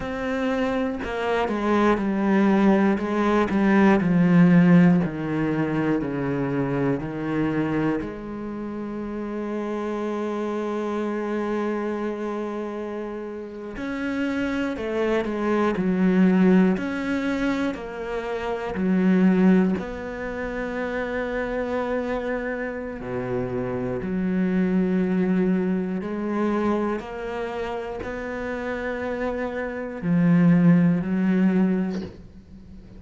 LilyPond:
\new Staff \with { instrumentName = "cello" } { \time 4/4 \tempo 4 = 60 c'4 ais8 gis8 g4 gis8 g8 | f4 dis4 cis4 dis4 | gis1~ | gis4.~ gis16 cis'4 a8 gis8 fis16~ |
fis8. cis'4 ais4 fis4 b16~ | b2. b,4 | fis2 gis4 ais4 | b2 f4 fis4 | }